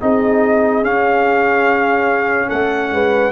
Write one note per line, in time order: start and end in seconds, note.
0.00 0.82 C4
0.00 0.83 D#4
0.00 2.48 G#4
0.00 0.84 D#5
0.82 2.49 C#4
0.82 3.31 C#4
0.82 2.49 F5
2.48 2.91 A3
2.48 2.90 A4
2.48 3.31 F#5
2.91 3.31 G#3
2.91 3.31 B4